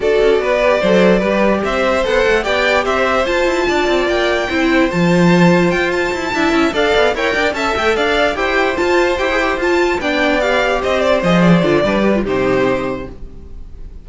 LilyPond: <<
  \new Staff \with { instrumentName = "violin" } { \time 4/4 \tempo 4 = 147 d''1 | e''4 fis''4 g''4 e''4 | a''2 g''2 | a''2 g''8 a''4.~ |
a''8 f''4 g''4 a''8 g''8 f''8~ | f''8 g''4 a''4 g''4 a''8~ | a''8 g''4 f''4 dis''8 d''8 dis''8 | d''2 c''2 | }
  \new Staff \with { instrumentName = "violin" } { \time 4/4 a'4 b'4 c''4 b'4 | c''2 d''4 c''4~ | c''4 d''2 c''4~ | c''2.~ c''8 e''8~ |
e''8 d''4 cis''8 d''8 e''4 d''8~ | d''8 c''2.~ c''8~ | c''8 d''2 c''4.~ | c''4 b'4 g'2 | }
  \new Staff \with { instrumentName = "viola" } { \time 4/4 fis'4. g'8 a'4 g'4~ | g'4 a'4 g'2 | f'2. e'4 | f'2.~ f'8 e'8~ |
e'8 a'4 ais'4 a'4.~ | a'8 g'4 f'4 g'16 gis'16 g'8 f'8~ | f'8 d'4 g'2 gis'8~ | gis'8 f'8 d'8 g'16 f'16 dis'2 | }
  \new Staff \with { instrumentName = "cello" } { \time 4/4 d'8 cis'8 b4 fis4 g4 | c'4 b8 a8 b4 c'4 | f'8 e'8 d'8 c'8 ais4 c'4 | f2 f'4 e'8 d'8 |
cis'8 d'8 b8 e'8 d'8 cis'8 a8 d'8~ | d'8 e'4 f'4 e'4 f'8~ | f'8 b2 c'4 f8~ | f8 d8 g4 c2 | }
>>